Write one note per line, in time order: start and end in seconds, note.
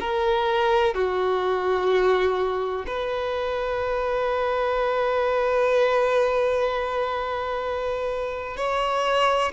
0.00 0.94 A#4
0.94 2.85 F#4
2.87 8.57 B4
8.57 9.52 C#5